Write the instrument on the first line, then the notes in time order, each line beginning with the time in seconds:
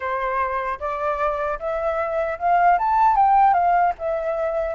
flute
0.00 C5
0.79 D5
1.59 E5
2.38 F5
2.78 A5
3.15 G5
3.53 F5
3.98 E5